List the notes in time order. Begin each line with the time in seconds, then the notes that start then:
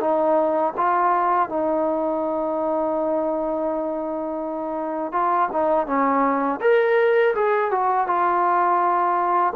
0.00 D#4
0.77 F4
1.49 D#4
5.12 F4
5.52 D#4
5.86 C#4
6.61 A#4
7.35 G#4
7.71 F#4
8.07 F4